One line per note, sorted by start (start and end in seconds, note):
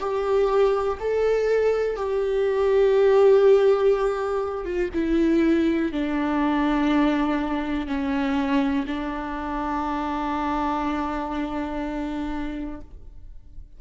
0.00 0.98 G4
1.00 1.97 A4
1.97 4.65 G4
4.65 4.90 F4
4.94 5.92 E4
5.92 7.87 D4
7.87 8.86 C#4
8.87 12.81 D4